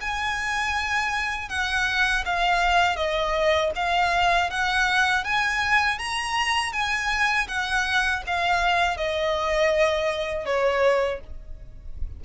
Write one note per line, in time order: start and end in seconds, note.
0.00 1.49 G#5
1.49 2.24 F#5
2.25 2.96 F5
2.96 3.71 D#5
3.75 4.50 F5
4.50 5.24 F#5
5.24 5.98 G#5
5.98 6.72 A#5
6.72 7.47 G#5
7.47 8.22 F#5
8.26 8.97 F5
8.97 10.45 D#5
10.45 11.20 C#5